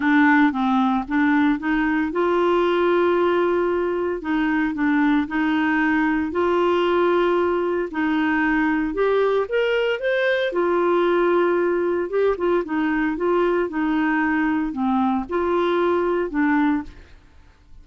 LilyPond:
\new Staff \with { instrumentName = "clarinet" } { \time 4/4 \tempo 4 = 114 d'4 c'4 d'4 dis'4 | f'1 | dis'4 d'4 dis'2 | f'2. dis'4~ |
dis'4 g'4 ais'4 c''4 | f'2. g'8 f'8 | dis'4 f'4 dis'2 | c'4 f'2 d'4 | }